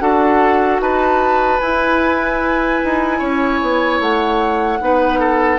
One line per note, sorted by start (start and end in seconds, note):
0.00 0.80 D4
0.00 1.60 F#4
0.00 0.82 A4
0.00 0.80 F#5
0.80 1.60 D#4
0.80 3.19 B4
0.80 1.60 A5
1.60 4.81 E4
1.60 2.82 E4
1.60 4.00 G#5
2.85 3.21 D#4
3.19 3.61 C#4
3.19 4.79 C#5
3.62 4.00 B3
4.00 4.80 A3
4.00 5.59 F#5
4.81 5.59 B3
4.81 5.59 D#4
4.81 5.20 B4
5.20 5.59 A4